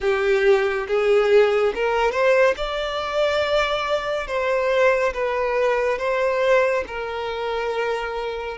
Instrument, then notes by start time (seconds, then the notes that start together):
violin
0.00 G4
0.87 G#4
1.75 A#4
2.11 C5
2.56 D5
4.27 C5
5.13 B4
5.98 C5
6.87 A#4